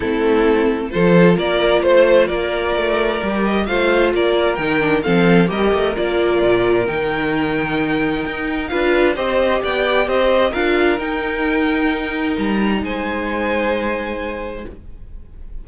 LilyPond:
<<
  \new Staff \with { instrumentName = "violin" } { \time 4/4 \tempo 4 = 131 a'2 c''4 d''4 | c''4 d''2~ d''8 dis''8 | f''4 d''4 g''4 f''4 | dis''4 d''2 g''4~ |
g''2. f''4 | dis''4 g''4 dis''4 f''4 | g''2. ais''4 | gis''1 | }
  \new Staff \with { instrumentName = "violin" } { \time 4/4 e'2 a'4 ais'4 | c''4 ais'2. | c''4 ais'2 a'4 | ais'1~ |
ais'2. b'4 | c''4 d''4 c''4 ais'4~ | ais'1 | c''1 | }
  \new Staff \with { instrumentName = "viola" } { \time 4/4 c'2 f'2~ | f'2. g'4 | f'2 dis'8 d'8 c'4 | g'4 f'2 dis'4~ |
dis'2. f'4 | g'2. f'4 | dis'1~ | dis'1 | }
  \new Staff \with { instrumentName = "cello" } { \time 4/4 a2 f4 ais4 | a4 ais4 a4 g4 | a4 ais4 dis4 f4 | g8 a8 ais4 ais,4 dis4~ |
dis2 dis'4 d'4 | c'4 b4 c'4 d'4 | dis'2. g4 | gis1 | }
>>